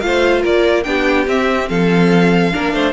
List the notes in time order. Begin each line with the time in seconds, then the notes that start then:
0.00 A3 F4 C5 F5
0.42 A#3 A#4 D5
0.83 B3 D4 G4 G5
1.27 C4 E5
1.68 F3 A4 F5
2.52 A#3 D4 A#4
2.72 A3 C5